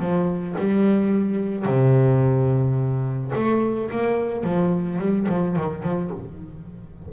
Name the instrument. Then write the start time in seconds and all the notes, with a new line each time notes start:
double bass
0.00 F3
0.59 G3
1.66 C3
3.35 A3
3.91 A#3
4.44 F3
4.99 G3
5.29 F3
5.56 D#3
5.83 F3